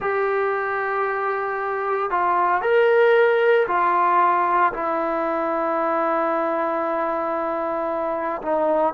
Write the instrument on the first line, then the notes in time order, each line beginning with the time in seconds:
trombone
0.00 G4
2.10 F4
2.61 A#4
3.67 F4
4.73 E4
8.42 D#4